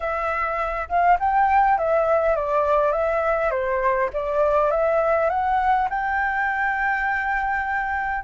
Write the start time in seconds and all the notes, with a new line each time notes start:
0.00 E5
0.88 F5
1.19 G5
1.78 E5
2.35 D5
2.91 E5
3.50 C5
4.13 D5
4.71 E5
5.29 F#5
5.89 G5